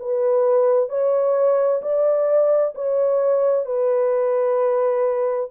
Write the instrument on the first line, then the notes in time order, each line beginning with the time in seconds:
horn
0.00 B4
0.90 C#5
1.82 D5
2.75 C#5
3.66 B4